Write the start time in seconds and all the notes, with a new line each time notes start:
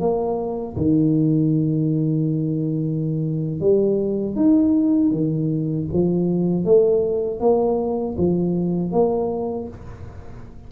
0.00 A#3
0.76 D#3
3.60 G3
4.35 D#4
5.11 D#3
5.93 F3
6.65 A3
7.40 A#3
8.17 F3
8.92 A#3